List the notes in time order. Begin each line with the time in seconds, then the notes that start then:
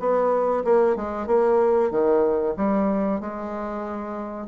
0.00 B3
0.65 A#3
0.96 G#3
1.27 A#3
1.91 D#3
2.57 G3
3.21 G#3